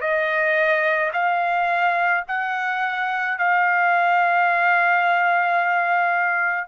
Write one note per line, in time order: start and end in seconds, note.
0.00 1.11 D#5
1.13 2.24 F5
2.27 3.38 F#5
3.38 6.68 F5